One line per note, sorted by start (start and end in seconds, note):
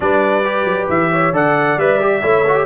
0.00 0.65 G3
0.00 0.43 D4
0.00 1.12 B4
0.00 0.88 D5
0.44 1.33 G4
0.65 0.87 F#3
0.88 1.32 E3
0.88 1.34 E5
1.12 1.33 C#5
1.32 1.76 D3
1.32 1.77 A4
1.32 2.22 D5
1.32 1.78 F#5
1.76 2.21 G3
1.76 2.00 B4
1.76 2.65 E5
2.00 2.22 G4
2.22 2.65 A3
2.22 2.44 E4
2.22 2.65 C#5
2.47 2.55 F#4
2.55 2.65 G4